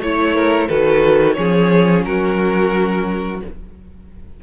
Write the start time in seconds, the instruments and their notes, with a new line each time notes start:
0.00 cello A3, viola E4, violin C#5
0.35 violin A#4
0.68 cello D#3, viola F#4, violin A4 B4
1.34 cello F3, viola C#4, violin G#4 C#5
2.05 cello F#3, violin F#4 A#4